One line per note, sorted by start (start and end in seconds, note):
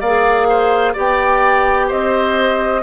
0.00 0.95 A#3
0.00 0.94 G#4
0.00 0.47 D5
0.00 0.94 F5
0.49 0.93 C5
0.93 1.91 B3
0.93 2.82 G4
0.93 1.87 D5
0.93 1.90 G5
1.87 2.83 C4
1.87 2.81 C5
1.87 2.83 D#5